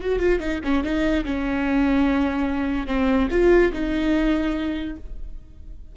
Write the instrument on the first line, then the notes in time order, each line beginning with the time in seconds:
viola
0.00 F#4
0.19 F4
0.39 D#4
0.64 C#4
0.83 D#4
1.25 C#4
2.87 C4
3.31 F4
3.72 D#4